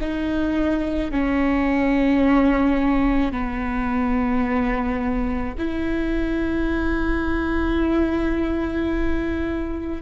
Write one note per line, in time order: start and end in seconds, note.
0.00 1.11 D#4
1.11 3.32 C#4
3.32 5.54 B3
5.58 10.02 E4